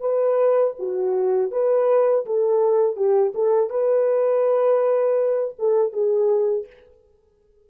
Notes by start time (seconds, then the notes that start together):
0.00 B4
0.79 F#4
1.51 B4
2.26 A4
2.96 G4
3.35 A4
3.70 B4
5.59 A4
5.92 G#4